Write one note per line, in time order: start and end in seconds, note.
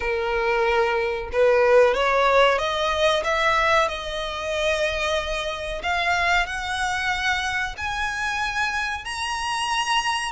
0.00 1.29 A#4
1.32 1.94 B4
1.94 2.58 C#5
2.58 3.23 D#5
3.24 3.88 E5
3.88 5.82 D#5
5.82 6.46 F5
6.46 7.75 F#5
7.77 9.05 G#5
9.05 10.31 A#5